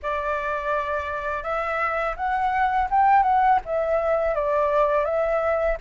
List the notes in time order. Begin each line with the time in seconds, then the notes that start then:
0.02 D5
1.43 E5
2.16 F#5
2.90 G5
3.23 F#5
3.65 E5
4.34 D5
5.04 E5